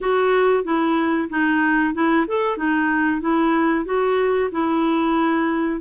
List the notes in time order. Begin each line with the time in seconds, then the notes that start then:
0.00 F#4
0.64 E4
1.29 D#4
1.94 E4
2.27 A4
2.57 D#4
3.21 E4
3.85 F#4
4.51 E4